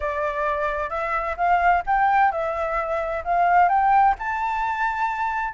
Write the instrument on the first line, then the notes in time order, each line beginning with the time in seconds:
flute
0.00 D5
0.89 E5
1.36 F5
1.86 G5
2.31 E5
3.24 F5
3.68 G5
4.19 A5